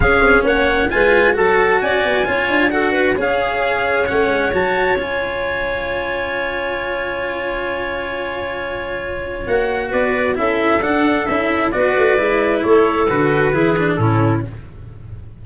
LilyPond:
<<
  \new Staff \with { instrumentName = "trumpet" } { \time 4/4 \tempo 4 = 133 f''4 fis''4 gis''4 a''4 | gis''2 fis''4 f''4~ | f''4 fis''4 a''4 gis''4~ | gis''1~ |
gis''1~ | gis''4 fis''4 d''4 e''4 | fis''4 e''4 d''2 | cis''4 b'2 a'4 | }
  \new Staff \with { instrumentName = "clarinet" } { \time 4/4 gis'4 cis''4 b'4 a'4 | d''4 cis''4 a'8 b'8 cis''4~ | cis''1~ | cis''1~ |
cis''1~ | cis''2 b'4 a'4~ | a'2 b'2 | a'2 gis'4 e'4 | }
  \new Staff \with { instrumentName = "cello" } { \time 4/4 cis'2 f'4 fis'4~ | fis'4 f'4 fis'4 gis'4~ | gis'4 cis'4 fis'4 f'4~ | f'1~ |
f'1~ | f'4 fis'2 e'4 | d'4 e'4 fis'4 e'4~ | e'4 fis'4 e'8 d'8 cis'4 | }
  \new Staff \with { instrumentName = "tuba" } { \time 4/4 cis'8 c'8 ais4 gis4 fis4 | cis'8 b8 cis'8 d'4. cis'4~ | cis'4 a8 gis8 fis4 cis'4~ | cis'1~ |
cis'1~ | cis'4 ais4 b4 cis'4 | d'4 cis'4 b8 a8 gis4 | a4 d4 e4 a,4 | }
>>